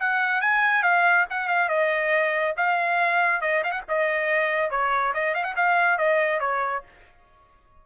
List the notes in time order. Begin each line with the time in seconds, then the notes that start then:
0.00 F#5
0.42 G#5
0.83 F5
1.31 F#5
1.48 F5
1.69 D#5
2.57 F5
3.42 D#5
3.64 F5
3.72 F#5
3.89 D#5
4.71 C#5
5.14 D#5
5.35 F5
5.44 F#5
5.57 F5
5.99 D#5
6.41 C#5